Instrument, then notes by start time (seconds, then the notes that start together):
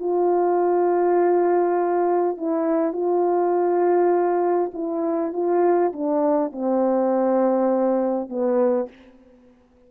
horn
0.00 F4
2.37 E4
2.93 F4
4.74 E4
5.33 F4
5.93 D4
6.52 C4
8.30 B3